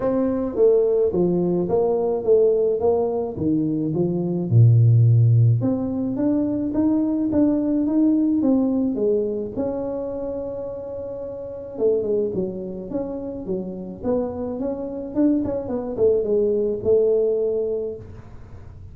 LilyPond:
\new Staff \with { instrumentName = "tuba" } { \time 4/4 \tempo 4 = 107 c'4 a4 f4 ais4 | a4 ais4 dis4 f4 | ais,2 c'4 d'4 | dis'4 d'4 dis'4 c'4 |
gis4 cis'2.~ | cis'4 a8 gis8 fis4 cis'4 | fis4 b4 cis'4 d'8 cis'8 | b8 a8 gis4 a2 | }